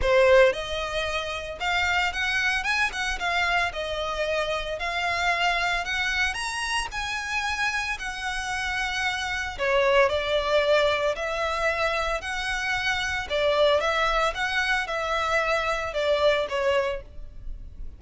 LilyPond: \new Staff \with { instrumentName = "violin" } { \time 4/4 \tempo 4 = 113 c''4 dis''2 f''4 | fis''4 gis''8 fis''8 f''4 dis''4~ | dis''4 f''2 fis''4 | ais''4 gis''2 fis''4~ |
fis''2 cis''4 d''4~ | d''4 e''2 fis''4~ | fis''4 d''4 e''4 fis''4 | e''2 d''4 cis''4 | }